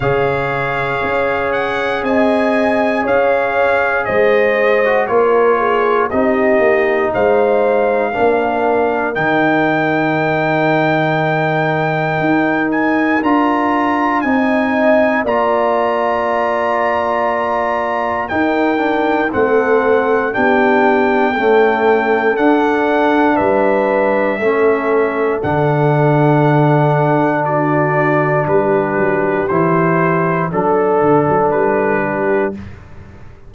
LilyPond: <<
  \new Staff \with { instrumentName = "trumpet" } { \time 4/4 \tempo 4 = 59 f''4. fis''8 gis''4 f''4 | dis''4 cis''4 dis''4 f''4~ | f''4 g''2.~ | g''8 gis''8 ais''4 gis''4 ais''4~ |
ais''2 g''4 fis''4 | g''2 fis''4 e''4~ | e''4 fis''2 d''4 | b'4 c''4 a'4 b'4 | }
  \new Staff \with { instrumentName = "horn" } { \time 4/4 cis''2 dis''4 cis''4 | c''4 ais'8 gis'8 g'4 c''4 | ais'1~ | ais'2 dis''4 d''4~ |
d''2 ais'4 a'4 | g'4 a'2 b'4 | a'2. fis'4 | g'2 a'4. g'8 | }
  \new Staff \with { instrumentName = "trombone" } { \time 4/4 gis'1~ | gis'8. fis'16 f'4 dis'2 | d'4 dis'2.~ | dis'4 f'4 dis'4 f'4~ |
f'2 dis'8 d'8 c'4 | d'4 a4 d'2 | cis'4 d'2.~ | d'4 e'4 d'2 | }
  \new Staff \with { instrumentName = "tuba" } { \time 4/4 cis4 cis'4 c'4 cis'4 | gis4 ais4 c'8 ais8 gis4 | ais4 dis2. | dis'4 d'4 c'4 ais4~ |
ais2 dis'4 a4 | b4 cis'4 d'4 g4 | a4 d2. | g8 fis8 e4 fis8 d16 fis16 g4 | }
>>